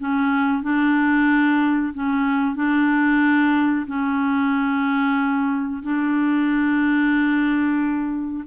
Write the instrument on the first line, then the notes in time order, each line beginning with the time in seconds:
clarinet
0.00 C#4
0.63 D4
1.94 C#4
2.56 D4
3.87 C#4
5.83 D4